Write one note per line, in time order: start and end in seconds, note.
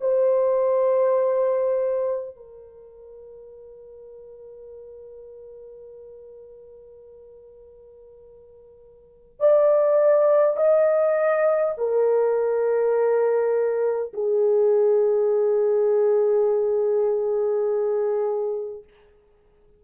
0.00 2.35 C5
2.35 9.40 A#4
9.40 10.56 D5
10.56 11.74 D#5
11.77 14.12 A#4
14.13 18.83 G#4